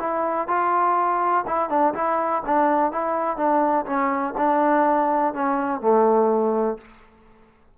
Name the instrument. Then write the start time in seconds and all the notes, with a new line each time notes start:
trombone
0.00 E4
0.48 F4
1.48 E4
1.70 D4
1.95 E4
2.46 D4
2.92 E4
3.37 D4
3.86 C#4
4.38 D4
5.34 C#4
5.82 A3